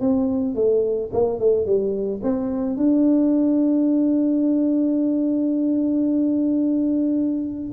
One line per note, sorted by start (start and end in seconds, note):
0.00 0.55 C4
0.55 1.10 A3
1.13 1.39 A#3
1.39 1.65 A3
1.65 2.20 G3
2.23 2.76 C4
2.76 7.72 D4